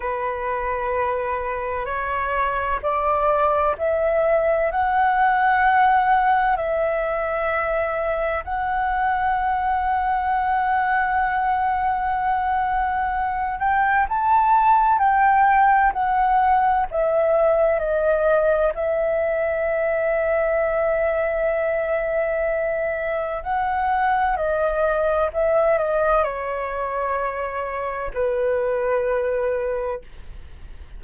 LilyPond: \new Staff \with { instrumentName = "flute" } { \time 4/4 \tempo 4 = 64 b'2 cis''4 d''4 | e''4 fis''2 e''4~ | e''4 fis''2.~ | fis''2~ fis''8 g''8 a''4 |
g''4 fis''4 e''4 dis''4 | e''1~ | e''4 fis''4 dis''4 e''8 dis''8 | cis''2 b'2 | }